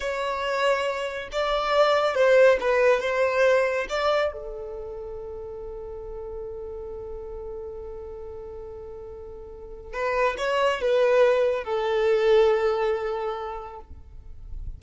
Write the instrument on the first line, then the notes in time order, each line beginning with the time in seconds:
violin
0.00 C#5
1.31 D5
2.14 C5
2.60 B4
3.00 C5
3.89 D5
4.32 A4
9.93 B4
10.37 C#5
10.81 B4
11.63 A4